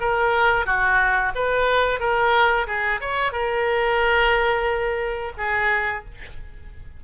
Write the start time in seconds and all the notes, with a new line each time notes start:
0.00 A#4
0.65 F#4
1.35 B4
2.00 A#4
2.67 G#4
3.01 C#5
3.32 A#4
5.37 G#4